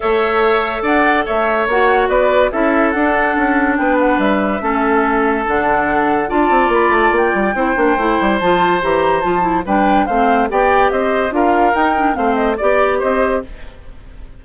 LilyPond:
<<
  \new Staff \with { instrumentName = "flute" } { \time 4/4 \tempo 4 = 143 e''2 fis''4 e''4 | fis''4 d''4 e''4 fis''4~ | fis''4 g''8 fis''8 e''2~ | e''4 fis''2 a''4 |
b''8 a''8 g''2. | a''4 ais''4 a''4 g''4 | f''4 g''4 dis''4 f''4 | g''4 f''8 dis''8 d''4 dis''4 | }
  \new Staff \with { instrumentName = "oboe" } { \time 4/4 cis''2 d''4 cis''4~ | cis''4 b'4 a'2~ | a'4 b'2 a'4~ | a'2. d''4~ |
d''2 c''2~ | c''2. b'4 | c''4 d''4 c''4 ais'4~ | ais'4 c''4 d''4 c''4 | }
  \new Staff \with { instrumentName = "clarinet" } { \time 4/4 a'1 | fis'2 e'4 d'4~ | d'2. cis'4~ | cis'4 d'2 f'4~ |
f'2 e'8 d'8 e'4 | f'4 g'4 f'8 e'8 d'4 | c'4 g'2 f'4 | dis'8 d'8 c'4 g'2 | }
  \new Staff \with { instrumentName = "bassoon" } { \time 4/4 a2 d'4 a4 | ais4 b4 cis'4 d'4 | cis'4 b4 g4 a4~ | a4 d2 d'8 c'8 |
ais8 a8 ais8 g8 c'8 ais8 a8 g8 | f4 e4 f4 g4 | a4 b4 c'4 d'4 | dis'4 a4 b4 c'4 | }
>>